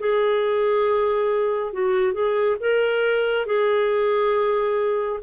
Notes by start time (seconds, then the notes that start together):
0.00 G#4
1.73 F#4
2.13 G#4
2.60 A#4
3.46 G#4